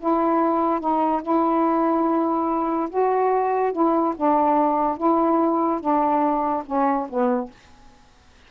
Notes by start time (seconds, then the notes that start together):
0.00 E4
0.80 D#4
1.23 E4
2.90 F#4
3.73 E4
4.17 D4
4.97 E4
5.81 D4
6.66 C#4
7.09 B3